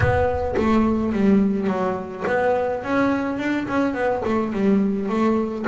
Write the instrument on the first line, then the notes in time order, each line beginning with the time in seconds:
double bass
0.00 B3
0.57 A3
1.12 G3
1.67 F#3
2.27 B3
2.83 C#4
3.38 D4
3.68 C#4
3.93 B3
4.25 A3
4.53 G3
5.09 A3